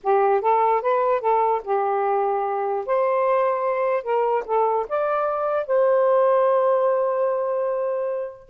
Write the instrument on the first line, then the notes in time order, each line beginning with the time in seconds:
saxophone
0.03 G4
0.41 A4
0.81 B4
1.21 A4
1.63 G4
2.86 C5
4.03 A#4
4.45 A4
4.89 D5
5.66 C5